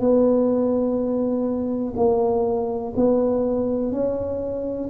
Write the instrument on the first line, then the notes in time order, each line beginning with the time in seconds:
tuba
0.00 B3
1.97 A#3
2.96 B3
3.92 C#4